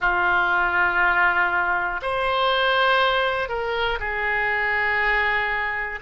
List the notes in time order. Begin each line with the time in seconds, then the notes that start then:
0.00 F4
2.02 C5
3.48 A#4
3.99 G#4